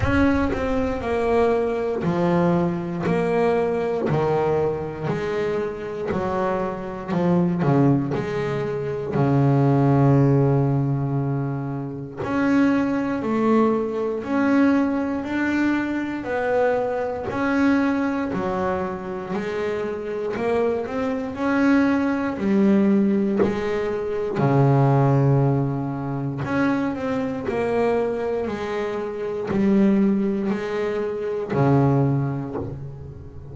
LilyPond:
\new Staff \with { instrumentName = "double bass" } { \time 4/4 \tempo 4 = 59 cis'8 c'8 ais4 f4 ais4 | dis4 gis4 fis4 f8 cis8 | gis4 cis2. | cis'4 a4 cis'4 d'4 |
b4 cis'4 fis4 gis4 | ais8 c'8 cis'4 g4 gis4 | cis2 cis'8 c'8 ais4 | gis4 g4 gis4 cis4 | }